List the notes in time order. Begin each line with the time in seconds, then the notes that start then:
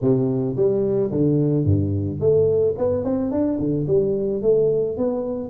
0.01 C3
0.56 G3
1.11 D3
1.65 G2
2.19 A3
2.77 B3
3.04 C4
3.31 D4
3.59 D3
3.87 G3
4.42 A3
4.97 B3